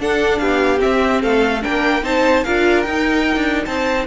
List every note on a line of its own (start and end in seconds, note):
0.00 0.41 D4
0.00 0.78 D4
0.00 0.41 A4
0.00 0.38 F#5
0.38 0.82 B3
0.38 1.22 G4
0.38 0.79 F5
0.78 1.59 C4
0.78 1.23 C4
0.78 1.22 E5
1.22 1.64 A3
1.22 1.62 A4
1.22 1.63 F5
1.62 2.03 A#3
1.62 2.02 D4
1.62 2.04 A#4
1.62 2.05 G5
2.03 2.43 C4
2.03 2.43 D#4
2.03 2.44 C5
2.03 2.44 A5
2.44 2.86 D4
2.44 2.85 F4
2.44 3.66 A#4
2.44 2.83 F5
2.83 4.07 D#4
2.83 3.35 D#4
2.83 3.64 G5
3.35 3.66 D4
3.65 4.07 C4
3.65 4.07 C5
3.65 4.06 A5